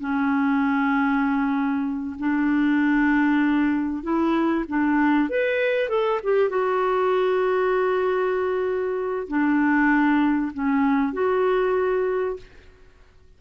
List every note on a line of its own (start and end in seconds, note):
0.00 2.16 C#4
2.19 4.03 D4
4.03 4.65 E4
4.68 5.29 D4
5.29 5.89 B4
5.89 6.20 A4
6.24 6.49 G4
6.49 9.28 F#4
9.28 10.52 D4
10.53 11.13 C#4
11.13 12.37 F#4